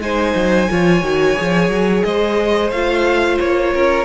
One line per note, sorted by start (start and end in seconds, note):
0.00 0.34 G#3
0.00 0.68 D#4
0.00 0.70 C5
0.00 2.03 G#5
0.35 0.68 F#3
0.69 1.02 F3
0.69 1.03 F4
0.69 2.05 C#5
1.02 1.35 D#3
1.02 1.36 F#4
1.36 1.69 F3
1.36 2.71 G#4
1.69 2.02 F#3
2.03 2.71 G#3
2.03 3.73 C5
2.03 2.70 D#5
2.71 3.38 A3
2.71 4.04 F4
2.71 3.38 F5
3.39 3.74 A#3
3.39 4.04 C#5
3.73 4.04 C#4
3.73 4.04 A#4